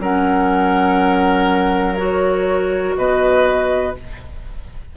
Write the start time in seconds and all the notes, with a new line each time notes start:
0.00 F#3 C#4 A#4 F#5
1.96 F#4 C#5
2.96 B2 B4 D#5